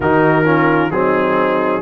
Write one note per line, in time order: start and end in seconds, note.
0.00 0.90 D#3
0.00 0.44 D#4
0.00 0.45 F#4
0.00 0.91 A#4
0.44 0.90 C#4
0.44 0.91 F4
0.90 1.81 F#3
0.90 1.81 C4
0.90 1.81 D#4
0.90 1.81 G#4